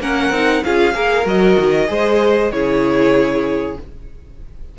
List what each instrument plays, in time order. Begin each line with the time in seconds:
0.00 cello A#3, viola C#4, violin A#4 F#5
0.30 cello C4, viola D#4
0.65 cello C#4, viola F4, violin G#4 F5
0.94 cello A#3, viola G#4, violin A#4
1.26 cello F#3, viola F#4, violin D#5
1.59 cello D#3
1.88 cello G#3, viola G#4, violin C5
2.52 cello C#3, viola E4, violin G#4 C#5